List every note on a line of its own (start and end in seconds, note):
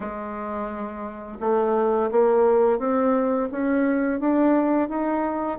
0.00 1.38 G#3
1.40 2.10 A3
2.11 2.78 A#3
2.78 3.48 C4
3.51 4.20 C#4
4.20 4.88 D4
4.88 5.58 D#4